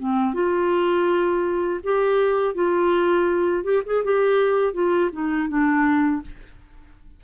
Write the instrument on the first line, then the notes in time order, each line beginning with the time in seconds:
clarinet
0.00 C4
0.34 F4
1.84 G4
2.55 F4
3.64 G4
3.86 G#4
4.05 G4
4.74 F4
5.13 D#4
5.49 D4